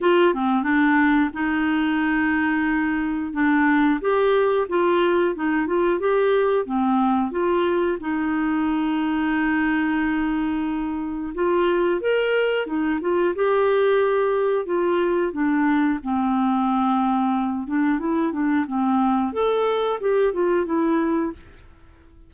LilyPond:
\new Staff \with { instrumentName = "clarinet" } { \time 4/4 \tempo 4 = 90 f'8 c'8 d'4 dis'2~ | dis'4 d'4 g'4 f'4 | dis'8 f'8 g'4 c'4 f'4 | dis'1~ |
dis'4 f'4 ais'4 dis'8 f'8 | g'2 f'4 d'4 | c'2~ c'8 d'8 e'8 d'8 | c'4 a'4 g'8 f'8 e'4 | }